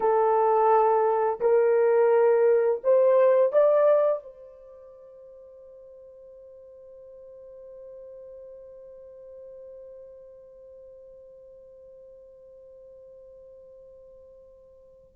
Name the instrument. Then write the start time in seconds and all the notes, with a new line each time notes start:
horn
0.00 A4
1.40 A#4
2.83 C5
3.52 D5
4.23 C5